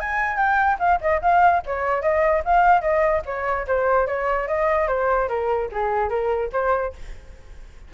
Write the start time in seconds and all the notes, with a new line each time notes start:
0.00 G#5
0.37 G5
0.79 F5
1.01 D#5
1.22 F5
1.66 C#5
2.02 D#5
2.45 F5
2.81 D#5
3.26 C#5
3.67 C5
4.07 C#5
4.48 D#5
4.88 C5
5.28 A#4
5.72 G#4
6.09 A#4
6.53 C5